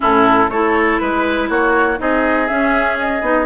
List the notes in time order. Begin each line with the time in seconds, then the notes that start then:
0.00 A2 C#4 E4 A4
0.49 A3 E4 A4 C#5
0.97 G#3 B4
1.49 A#3 F#4 C#5
1.98 C4 D#4 G#4 D#5
2.48 C#4 E5
2.99 D#5
3.21 B3 D#4